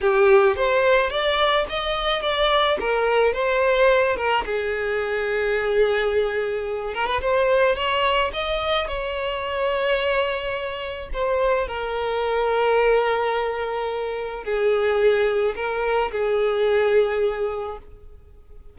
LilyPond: \new Staff \with { instrumentName = "violin" } { \time 4/4 \tempo 4 = 108 g'4 c''4 d''4 dis''4 | d''4 ais'4 c''4. ais'8 | gis'1~ | gis'8 ais'16 b'16 c''4 cis''4 dis''4 |
cis''1 | c''4 ais'2.~ | ais'2 gis'2 | ais'4 gis'2. | }